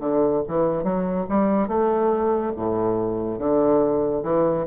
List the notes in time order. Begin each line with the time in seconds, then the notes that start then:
0.00 D3
0.48 E3
0.84 F#3
1.29 G3
1.68 A3
2.57 A2
3.39 D3
4.23 E3